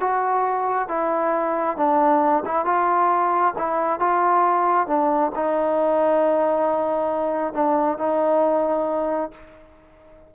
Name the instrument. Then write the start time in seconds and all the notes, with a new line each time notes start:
trombone
0.00 F#4
0.88 E4
1.77 D4
2.45 E4
2.65 F4
3.58 E4
4.00 F4
4.87 D4
5.35 D#4
7.54 D4
7.98 D#4